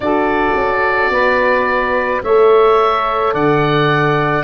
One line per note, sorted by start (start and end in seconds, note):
0.00 0.52 D4
0.00 2.24 F#4
0.00 1.12 A4
0.00 2.22 D5
0.55 1.09 C#4
1.09 2.21 B3
1.09 2.22 B4
2.22 3.33 A3
2.22 4.43 A4
2.22 3.32 C#5
2.22 3.34 E5
3.32 4.43 D3
3.32 4.43 D5
3.32 4.43 F#5